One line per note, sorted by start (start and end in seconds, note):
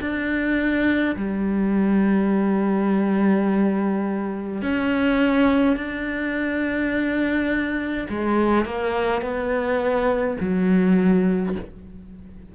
0.00 1.15 D4
1.15 4.62 G3
4.62 5.76 C#4
5.76 8.07 D4
8.09 8.65 G#3
8.65 9.22 A#3
9.22 10.37 B3
10.40 11.55 F#3